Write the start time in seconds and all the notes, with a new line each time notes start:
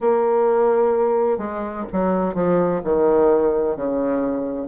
0.00 A#3
1.38 G#3
1.92 F#3
2.34 F3
2.84 D#3
3.76 C#3